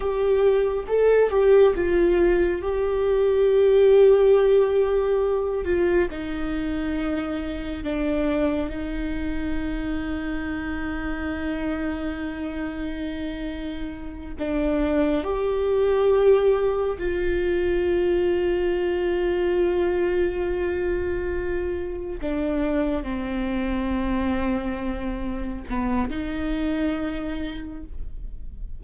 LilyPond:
\new Staff \with { instrumentName = "viola" } { \time 4/4 \tempo 4 = 69 g'4 a'8 g'8 f'4 g'4~ | g'2~ g'8 f'8 dis'4~ | dis'4 d'4 dis'2~ | dis'1~ |
dis'8 d'4 g'2 f'8~ | f'1~ | f'4. d'4 c'4.~ | c'4. b8 dis'2 | }